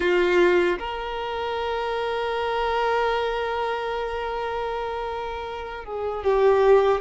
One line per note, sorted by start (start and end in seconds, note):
0.00 0.78 F4
0.78 5.84 A#4
5.84 6.23 G#4
6.23 7.00 G4